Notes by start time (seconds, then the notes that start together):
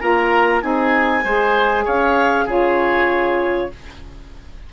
0.00 A#3 F4 A#4 A#5
0.61 C4 D#4 G#4 G#5
1.24 G#3 G#4 C5
1.85 C#4 C#5 F5
2.46 C#3 F4 G#4 C#5